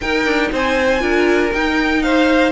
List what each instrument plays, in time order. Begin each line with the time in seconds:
0.00 viola D#4, cello D#4, violin A#4 G5
0.25 cello D4
0.52 cello C4, violin C5 G#5
0.99 cello D4, viola F4, violin A#4
1.53 cello D#4, viola D#4, violin G5
2.02 violin C5 F5